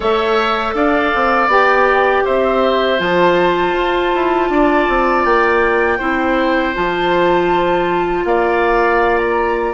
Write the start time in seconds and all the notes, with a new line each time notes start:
0.00 A3 A4 C#5 E5
0.74 D4 D5 F5
1.14 C4
1.47 B3 G4 G5
2.24 C4 C5 E5
2.98 F3 F4 A5
3.73 F4
4.15 E4
4.49 D4 D5
4.88 C4
5.24 A#3 G5
5.98 C4 E4 C5
6.74 F3 F4 A5
8.24 A#3 D5 F5
9.18 A#5